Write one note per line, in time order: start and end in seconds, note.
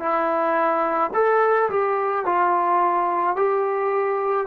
0.00 1.11 E4
1.14 1.70 A4
1.70 2.26 G4
2.26 3.36 F4
3.36 4.47 G4